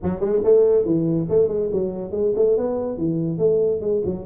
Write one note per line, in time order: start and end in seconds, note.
0.03 0.20 F#3
0.20 0.41 G#3
0.44 0.85 A3
0.85 1.27 E3
1.29 1.48 A3
1.48 1.69 G#3
1.72 2.11 F#3
2.11 2.32 G#3
2.35 2.57 A3
2.57 2.97 B3
2.97 3.38 E3
3.38 3.80 A3
3.80 4.02 G#3
4.05 4.25 F#3